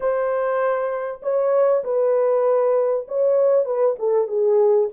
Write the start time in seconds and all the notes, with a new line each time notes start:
0.00 C5
1.22 C#5
1.84 B4
3.08 C#5
3.65 B4
3.99 A4
4.27 G#4